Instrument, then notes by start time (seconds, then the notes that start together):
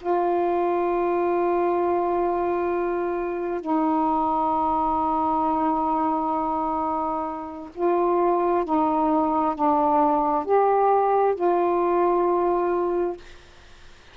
saxophone
0.00 F4
3.60 D#4
7.74 F4
8.64 D#4
9.55 D4
10.45 G4
11.35 F4